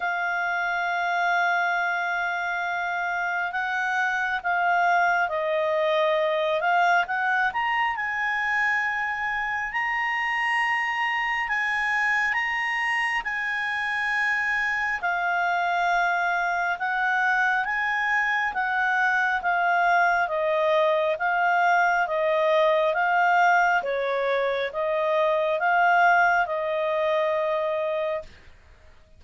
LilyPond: \new Staff \with { instrumentName = "clarinet" } { \time 4/4 \tempo 4 = 68 f''1 | fis''4 f''4 dis''4. f''8 | fis''8 ais''8 gis''2 ais''4~ | ais''4 gis''4 ais''4 gis''4~ |
gis''4 f''2 fis''4 | gis''4 fis''4 f''4 dis''4 | f''4 dis''4 f''4 cis''4 | dis''4 f''4 dis''2 | }